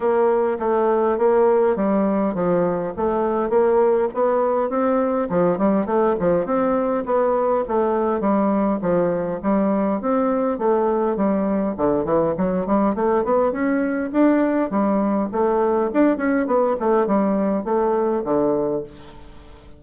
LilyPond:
\new Staff \with { instrumentName = "bassoon" } { \time 4/4 \tempo 4 = 102 ais4 a4 ais4 g4 | f4 a4 ais4 b4 | c'4 f8 g8 a8 f8 c'4 | b4 a4 g4 f4 |
g4 c'4 a4 g4 | d8 e8 fis8 g8 a8 b8 cis'4 | d'4 g4 a4 d'8 cis'8 | b8 a8 g4 a4 d4 | }